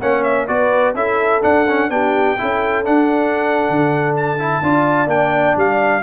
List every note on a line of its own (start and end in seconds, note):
0.00 0.48 A#3
0.00 0.48 C#4
0.00 0.47 C#5
0.00 0.23 F#5
0.23 0.47 E5
0.47 0.94 B3
0.47 0.95 F#4
0.47 0.96 B4
0.47 0.95 D5
0.94 1.41 C#4
0.94 1.41 E4
0.94 1.90 A4
0.94 1.43 E5
1.41 1.65 D4
1.41 1.90 D4
1.41 1.90 F#5
1.68 1.90 C#4
1.90 2.37 B3
1.90 2.37 D4
1.90 2.39 G4
1.90 2.85 G5
2.37 2.87 C#4
2.37 2.84 E4
2.37 4.63 A4
2.84 4.38 D4
2.84 3.69 D4
2.84 4.15 F#5
3.69 4.62 D3
4.16 5.09 A5
4.39 4.63 E4
4.62 5.06 D4
4.62 5.07 F4
4.62 6.02 D5
5.06 5.54 A#3
5.06 6.02 D4
5.06 5.57 G5
5.56 6.02 G3
5.56 6.02 F5